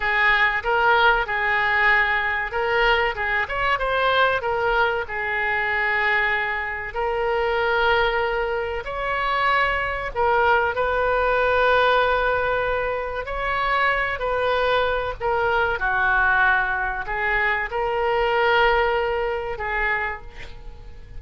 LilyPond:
\new Staff \with { instrumentName = "oboe" } { \time 4/4 \tempo 4 = 95 gis'4 ais'4 gis'2 | ais'4 gis'8 cis''8 c''4 ais'4 | gis'2. ais'4~ | ais'2 cis''2 |
ais'4 b'2.~ | b'4 cis''4. b'4. | ais'4 fis'2 gis'4 | ais'2. gis'4 | }